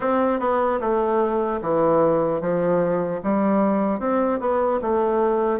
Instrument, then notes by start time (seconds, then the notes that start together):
bassoon
0.00 C4
0.39 B3
0.80 A3
1.61 E3
2.40 F3
3.23 G3
3.99 C4
4.40 B3
4.81 A3